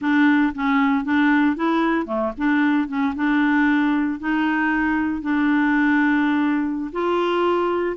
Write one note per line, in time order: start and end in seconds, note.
0.01 0.53 D4
0.54 1.04 C#4
1.04 1.56 D4
1.56 2.06 E4
2.06 2.32 A3
2.37 2.88 D4
2.88 3.14 C#4
3.15 4.19 D4
4.19 5.21 D#4
5.21 6.91 D4
6.92 7.96 F4